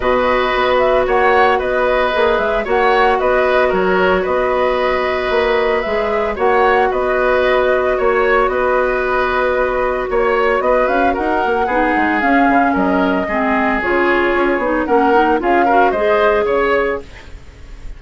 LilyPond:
<<
  \new Staff \with { instrumentName = "flute" } { \time 4/4 \tempo 4 = 113 dis''4. e''8 fis''4 dis''4~ | dis''8 e''8 fis''4 dis''4 cis''4 | dis''2. e''4 | fis''4 dis''2 cis''4 |
dis''2. cis''4 | dis''8 f''8 fis''2 f''4 | dis''2 cis''2 | fis''4 f''4 dis''4 cis''4 | }
  \new Staff \with { instrumentName = "oboe" } { \time 4/4 b'2 cis''4 b'4~ | b'4 cis''4 b'4 ais'4 | b'1 | cis''4 b'2 cis''4 |
b'2. cis''4 | b'4 ais'4 gis'2 | ais'4 gis'2. | ais'4 gis'8 ais'8 c''4 cis''4 | }
  \new Staff \with { instrumentName = "clarinet" } { \time 4/4 fis'1 | gis'4 fis'2.~ | fis'2. gis'4 | fis'1~ |
fis'1~ | fis'2 dis'4 cis'4~ | cis'4 c'4 f'4. dis'8 | cis'8 dis'8 f'8 fis'8 gis'2 | }
  \new Staff \with { instrumentName = "bassoon" } { \time 4/4 b,4 b4 ais4 b4 | ais8 gis8 ais4 b4 fis4 | b2 ais4 gis4 | ais4 b2 ais4 |
b2. ais4 | b8 cis'8 dis'8 ais8 b8 gis8 cis'8 cis8 | fis4 gis4 cis4 cis'8 b8 | ais4 cis'4 gis4 cis4 | }
>>